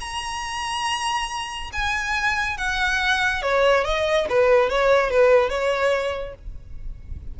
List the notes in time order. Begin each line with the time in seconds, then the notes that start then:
0.00 A#5
1.72 G#5
2.57 F#5
3.42 C#5
3.84 D#5
4.29 B4
4.69 C#5
5.10 B4
5.49 C#5